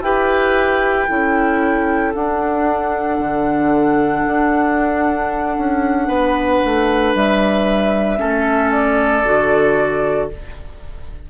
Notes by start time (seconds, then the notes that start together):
0.00 E4 G4 B4 G5
1.08 C#4 E4 A4
2.14 D4 F#5
3.18 D3
4.27 D4
5.57 C#4
6.07 B3 B4
6.64 A3
7.14 G3 E5
8.18 A3 C#4 A4
8.71 D5
9.24 D3 F#4